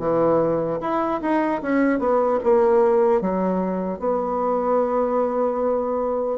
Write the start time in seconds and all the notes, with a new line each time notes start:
0.00 E3
0.81 E4
1.22 D#4
1.62 C#4
1.99 B3
2.44 A#3
3.21 F#3
3.99 B3